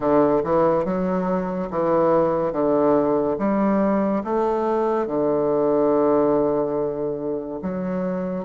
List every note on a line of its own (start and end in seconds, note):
0.00 0.42 D3
0.43 0.85 E3
0.85 1.69 F#3
1.70 2.52 E3
2.52 3.36 D3
3.38 4.23 G3
4.24 5.07 A3
5.07 7.60 D3
7.62 8.44 F#3